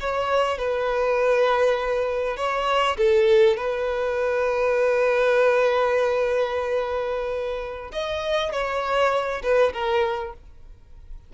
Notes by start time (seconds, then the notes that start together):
0.00 C#5
0.58 B4
2.37 C#5
2.97 A4
3.57 B4
7.92 D#5
8.52 C#5
9.43 B4
9.73 A#4